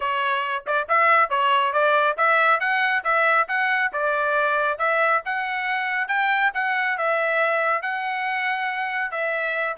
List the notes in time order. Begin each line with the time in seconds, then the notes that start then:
0.00 C#5
0.66 D5
0.88 E5
1.29 C#5
1.73 D5
2.17 E5
2.59 F#5
3.04 E5
3.48 F#5
3.92 D5
4.78 E5
5.25 F#5
6.08 G5
6.54 F#5
6.97 E5
7.82 F#5
9.11 E5